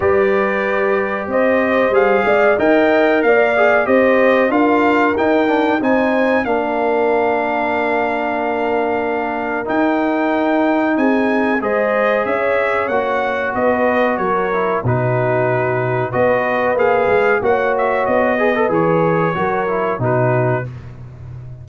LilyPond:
<<
  \new Staff \with { instrumentName = "trumpet" } { \time 4/4 \tempo 4 = 93 d''2 dis''4 f''4 | g''4 f''4 dis''4 f''4 | g''4 gis''4 f''2~ | f''2. g''4~ |
g''4 gis''4 dis''4 e''4 | fis''4 dis''4 cis''4 b'4~ | b'4 dis''4 f''4 fis''8 e''8 | dis''4 cis''2 b'4 | }
  \new Staff \with { instrumentName = "horn" } { \time 4/4 b'2 c''4. d''8 | dis''4 d''4 c''4 ais'4~ | ais'4 c''4 ais'2~ | ais'1~ |
ais'4 gis'4 c''4 cis''4~ | cis''4 b'4 ais'4 fis'4~ | fis'4 b'2 cis''4~ | cis''8 b'4. ais'4 fis'4 | }
  \new Staff \with { instrumentName = "trombone" } { \time 4/4 g'2. gis'4 | ais'4. gis'8 g'4 f'4 | dis'8 d'8 dis'4 d'2~ | d'2. dis'4~ |
dis'2 gis'2 | fis'2~ fis'8 e'8 dis'4~ | dis'4 fis'4 gis'4 fis'4~ | fis'8 gis'16 a'16 gis'4 fis'8 e'8 dis'4 | }
  \new Staff \with { instrumentName = "tuba" } { \time 4/4 g2 c'4 g8 gis8 | dis'4 ais4 c'4 d'4 | dis'4 c'4 ais2~ | ais2. dis'4~ |
dis'4 c'4 gis4 cis'4 | ais4 b4 fis4 b,4~ | b,4 b4 ais8 gis8 ais4 | b4 e4 fis4 b,4 | }
>>